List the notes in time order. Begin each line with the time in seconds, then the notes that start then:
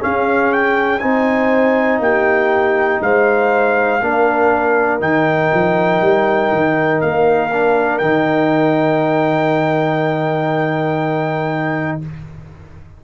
0.00 C#4 G#4 F5
0.53 G5
0.99 C4 D#4 C5 G#5
1.99 A#3 G4 G5
3.01 G#3 C5 F5
4.01 A#3 D4 A#4
5.00 D#3 D#4 G5
5.54 F3
6.01 G3
6.52 D#3
7.01 A#3 F5
7.52 D4
7.98 D#3 D#4 G5